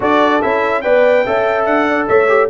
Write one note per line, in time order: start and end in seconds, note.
0.00 0.42 D4
0.00 0.41 F#4
0.00 0.82 A4
0.00 0.42 D5
0.41 0.84 C#4
0.41 0.83 E4
0.41 0.81 E5
0.81 1.26 B3
0.81 1.25 B4
0.81 1.24 D5
0.81 1.64 G5
1.26 1.65 C#4
1.26 2.27 A4
1.26 1.88 E5
1.65 2.07 D4
1.65 2.07 F#5
1.88 2.08 D5
2.07 2.49 A3
2.07 2.49 C#5
2.07 2.49 E5
2.27 2.48 G4